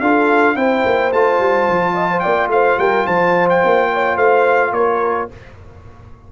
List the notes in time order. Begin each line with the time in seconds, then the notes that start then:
0.00 D4 F4 A4 F5
0.56 C4 E4 C5 G5
0.85 A#3
1.12 A3 F4 A5
1.39 G3
1.69 F3
1.94 D#5
2.10 C5
2.19 A#3 D5 G5
2.48 A3 C5 F5
2.78 G3 A#4 G5
3.06 F3 C5 A5
3.49 G5
3.63 A#3
3.93 C#5
4.16 A3 C5 F5
4.71 A#3 A#4 C#5